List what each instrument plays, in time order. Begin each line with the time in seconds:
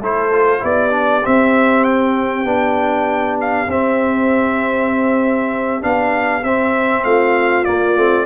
0.00 tuba A3, trombone E4, horn A4, trumpet C5
0.32 trombone F4
0.60 tuba B3, trombone E4, horn G4, trumpet D5
0.91 trombone D4
1.23 trombone C4, tuba C4, trumpet E5
1.84 trumpet G5
2.45 tuba B3, trombone D4
3.41 trumpet F5
3.67 tuba C4, trombone C4, trumpet E5
5.81 tuba B3, trombone D4, trumpet F5
6.44 tuba C4, trombone C4, trumpet E5
7.04 tuba A3, horn F4, trumpet F5
7.64 trombone A#3, tuba A#3, trumpet D5
7.96 tuba A3, trombone C4